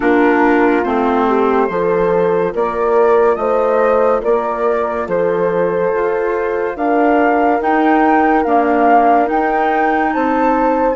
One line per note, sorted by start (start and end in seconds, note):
0.00 0.85 A#3
0.00 0.82 D4
0.00 1.27 F4
0.00 0.84 A#4
0.84 1.69 A3
0.84 1.68 C4
0.84 2.53 C5
1.27 1.69 G4
1.68 2.53 F3
1.68 7.59 F4
1.68 2.53 A4
2.53 3.36 A#3
2.53 3.37 A#4
2.53 3.35 D5
3.35 4.20 A3
3.35 4.22 C5
3.35 4.20 D#5
4.22 5.07 A#3
4.22 5.07 A#4
4.22 5.08 D5
5.07 5.92 F3
5.07 6.76 A4
5.07 6.76 C5
5.94 6.77 F4
6.76 7.60 D4
6.76 10.13 A#4
6.76 7.61 F5
7.60 8.44 D#4
7.60 8.45 D#4
7.60 8.43 G5
8.43 9.25 A#3
8.43 9.30 D4
8.43 9.28 F5
9.25 10.94 D#4
9.25 10.15 D#4
9.25 10.12 G5
10.12 10.96 C4
10.12 10.96 C5
10.12 10.96 A5